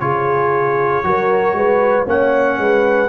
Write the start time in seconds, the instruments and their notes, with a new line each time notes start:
0.00 tuba C#3, trombone F4, horn G#4, trumpet C#5
1.04 tuba F#3, trombone F#4, horn A#4
1.53 tuba G#3, horn B4
2.06 tuba A#3, trombone C#4, horn C#5, trumpet F#5
2.59 tuba G#3, horn B4